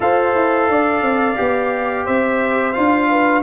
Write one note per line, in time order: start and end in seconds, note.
0.00 0.34 F4
0.00 1.35 A4
0.00 0.70 C5
0.00 2.06 F5
0.34 0.69 E4
0.69 1.01 D4
0.69 2.05 D5
1.01 1.36 C4
1.35 2.07 B3
1.35 2.73 G4
2.05 2.76 C4
2.05 3.08 C5
2.05 2.73 E5
2.73 3.43 D4
2.73 3.42 F4
2.73 3.42 F5
3.09 3.43 B4